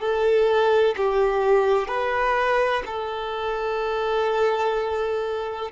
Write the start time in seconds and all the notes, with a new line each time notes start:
0.00 A4
0.97 G4
1.87 B4
2.86 A4